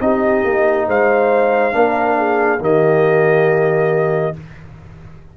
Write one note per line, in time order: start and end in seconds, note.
0.00 0.43 C4
0.00 1.72 D#4
0.00 0.87 G4
0.00 0.88 D#5
0.44 0.87 A#3
0.87 1.74 G#3
0.87 1.74 C5
0.87 2.63 F5
1.72 2.60 A#3
1.72 2.59 D4
1.72 2.18 A#4
2.18 2.61 G#4
2.60 4.34 D#3
2.60 4.34 A#3
2.60 4.35 G4
2.60 4.37 D#5